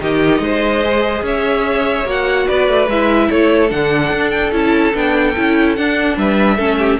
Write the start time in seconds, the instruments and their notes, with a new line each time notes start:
0.00 cello D#3, viola D#4, violin G4 D#5
0.39 cello G#3, violin C5
0.83 viola G#4
1.22 cello C#4, violin C#5 E5
2.04 cello A#3, viola F#4, violin F#5
2.46 cello B3, violin B4 D5
2.68 cello A3
2.87 cello G#3, viola E4, violin E5
3.29 cello A3, violin A4 C#5
3.69 cello D3, viola D4, violin F#5
4.11 cello D4
4.30 violin G5
4.52 cello C#4, viola E4, violin A5
4.93 cello B3, viola D4, violin G5
5.36 cello C#4, viola E4
5.75 viola D4, cello D4, violin F#5
6.17 cello G3, violin B4 E5
6.56 cello A3, viola C#4, violin A4
6.78 violin G4